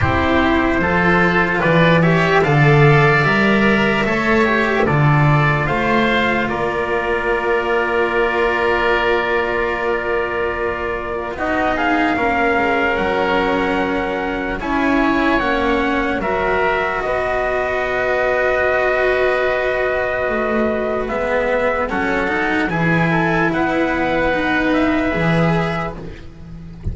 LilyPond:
<<
  \new Staff \with { instrumentName = "trumpet" } { \time 4/4 \tempo 4 = 74 c''2 d''8 e''8 f''4 | e''2 d''4 f''4 | d''1~ | d''2 dis''8 f''4. |
fis''2 gis''4 fis''4 | e''4 dis''2.~ | dis''2 e''4 fis''4 | gis''4 fis''4. e''4. | }
  \new Staff \with { instrumentName = "oboe" } { \time 4/4 g'4 a'4 b'8 cis''8 d''4~ | d''4 cis''4 a'4 c''4 | ais'1~ | ais'2 fis'8 gis'8 ais'4~ |
ais'2 cis''2 | ais'4 b'2.~ | b'2. a'4 | gis'8 a'8 b'2. | }
  \new Staff \with { instrumentName = "cello" } { \time 4/4 e'4 f'4. g'8 a'4 | ais'4 a'8 g'8 f'2~ | f'1~ | f'2 dis'4 cis'4~ |
cis'2 e'4 cis'4 | fis'1~ | fis'2 b4 cis'8 dis'8 | e'2 dis'4 gis'4 | }
  \new Staff \with { instrumentName = "double bass" } { \time 4/4 c'4 f4 e4 d4 | g4 a4 d4 a4 | ais1~ | ais2 b4 ais8 gis8 |
fis2 cis'4 ais4 | fis4 b2.~ | b4 a4 gis4 fis4 | e4 b2 e4 | }
>>